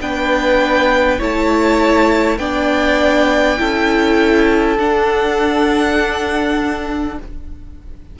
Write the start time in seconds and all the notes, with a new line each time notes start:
0.00 B3 D4 B4 G5
1.19 A3 E4 C#5 A5
2.38 B3 D4 D5 G5
3.58 C#4 E4 A4
4.78 D4 F#5